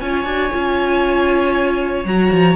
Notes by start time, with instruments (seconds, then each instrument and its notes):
0.00 cello C#4, viola F4, violin C#5 G#5
0.24 cello D4, viola F#4
0.50 cello C#4, viola F4
2.04 cello F#3, viola F#4, violin A#5
2.31 cello F3